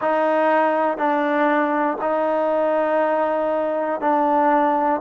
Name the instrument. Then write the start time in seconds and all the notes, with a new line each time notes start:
trombone
0.01 D#4
0.97 D4
2.01 D#4
4.00 D4